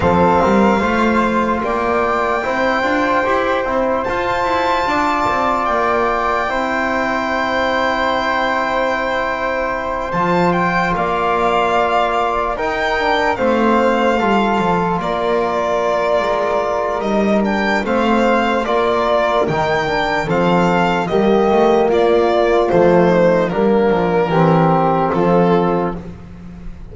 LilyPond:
<<
  \new Staff \with { instrumentName = "violin" } { \time 4/4 \tempo 4 = 74 f''2 g''2~ | g''4 a''2 g''4~ | g''1~ | g''8 a''8 g''8 f''2 g''8~ |
g''8 f''2 d''4.~ | d''4 dis''8 g''8 f''4 d''4 | g''4 f''4 dis''4 d''4 | c''4 ais'2 a'4 | }
  \new Staff \with { instrumentName = "flute" } { \time 4/4 a'8 ais'8 c''4 d''4 c''4~ | c''2 d''2 | c''1~ | c''4. d''2 ais'8~ |
ais'8 c''4 a'4 ais'4.~ | ais'2 c''4 ais'4~ | ais'4 a'4 g'4 f'4~ | f'8 dis'8 d'4 g'4 f'4 | }
  \new Staff \with { instrumentName = "trombone" } { \time 4/4 c'4 f'2 e'8 f'8 | g'8 e'8 f'2. | e'1~ | e'8 f'2. dis'8 |
d'8 c'4 f'2~ f'8~ | f'4 dis'8 d'8 c'4 f'4 | dis'8 d'8 c'4 ais2 | a4 ais4 c'2 | }
  \new Staff \with { instrumentName = "double bass" } { \time 4/4 f8 g8 a4 ais4 c'8 d'8 | e'8 c'8 f'8 e'8 d'8 c'8 ais4 | c'1~ | c'8 f4 ais2 dis'8~ |
dis'8 a4 g8 f8 ais4. | gis4 g4 a4 ais4 | dis4 f4 g8 a8 ais4 | f4 g8 f8 e4 f4 | }
>>